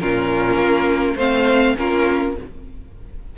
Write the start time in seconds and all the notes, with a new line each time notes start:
0.00 A#2 C#4 F4 A#4
0.56 A#3
1.16 A3 C4 C5 F5
1.77 A#3 C#4 F4 A#4